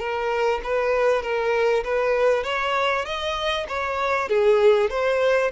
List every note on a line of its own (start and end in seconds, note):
0.00 0.61 A#4
0.64 1.23 B4
1.23 1.84 A#4
1.85 2.44 B4
2.44 3.06 C#5
3.06 3.67 D#5
3.69 4.29 C#5
4.29 4.91 G#4
4.91 5.52 C5